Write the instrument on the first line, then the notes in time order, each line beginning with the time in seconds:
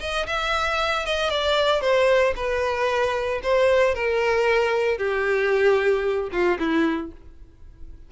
violin
0.00 D#5
0.27 E5
1.06 D#5
1.30 D5
1.81 C5
2.36 B4
3.43 C5
3.94 A#4
4.98 G4
6.32 F4
6.59 E4